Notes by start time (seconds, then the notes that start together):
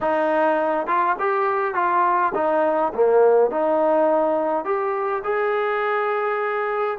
0.01 D#4
0.86 F4
1.19 G4
1.74 F4
2.34 D#4
2.93 A#3
3.50 D#4
4.64 G4
5.23 G#4